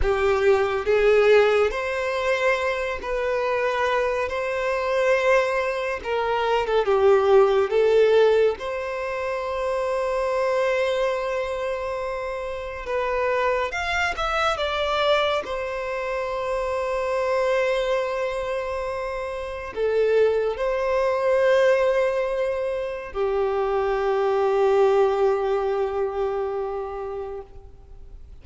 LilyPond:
\new Staff \with { instrumentName = "violin" } { \time 4/4 \tempo 4 = 70 g'4 gis'4 c''4. b'8~ | b'4 c''2 ais'8. a'16 | g'4 a'4 c''2~ | c''2. b'4 |
f''8 e''8 d''4 c''2~ | c''2. a'4 | c''2. g'4~ | g'1 | }